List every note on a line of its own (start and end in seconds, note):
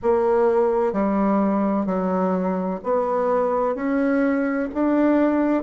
0.02 0.92 A#3
0.92 1.86 G3
1.86 2.80 F#3
2.83 3.75 B3
3.75 4.68 C#4
4.73 5.63 D4